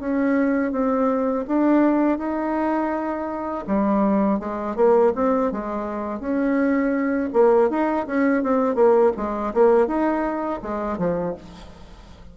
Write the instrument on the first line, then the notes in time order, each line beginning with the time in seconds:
bassoon
0.00 C#4
0.72 C4
1.47 D4
2.18 D#4
3.67 G3
4.40 G#3
4.76 A#3
5.15 C4
5.52 G#3
6.20 C#4
7.33 A#3
7.70 D#4
8.07 C#4
8.43 C4
8.75 A#3
9.17 G#3
9.54 A#3
9.87 D#4
10.62 G#3
10.98 F3